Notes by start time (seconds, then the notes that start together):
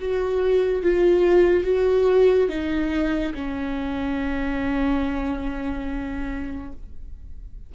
0.00 F#4
0.83 F4
1.64 F#4
2.49 D#4
3.35 C#4